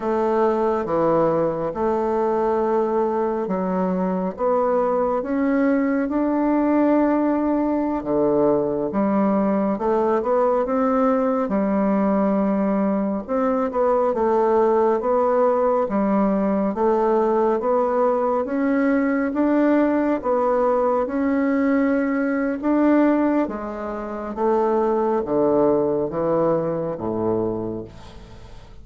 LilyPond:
\new Staff \with { instrumentName = "bassoon" } { \time 4/4 \tempo 4 = 69 a4 e4 a2 | fis4 b4 cis'4 d'4~ | d'4~ d'16 d4 g4 a8 b16~ | b16 c'4 g2 c'8 b16~ |
b16 a4 b4 g4 a8.~ | a16 b4 cis'4 d'4 b8.~ | b16 cis'4.~ cis'16 d'4 gis4 | a4 d4 e4 a,4 | }